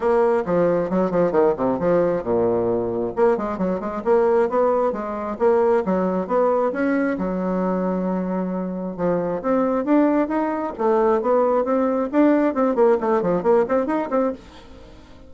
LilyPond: \new Staff \with { instrumentName = "bassoon" } { \time 4/4 \tempo 4 = 134 ais4 f4 fis8 f8 dis8 c8 | f4 ais,2 ais8 gis8 | fis8 gis8 ais4 b4 gis4 | ais4 fis4 b4 cis'4 |
fis1 | f4 c'4 d'4 dis'4 | a4 b4 c'4 d'4 | c'8 ais8 a8 f8 ais8 c'8 dis'8 c'8 | }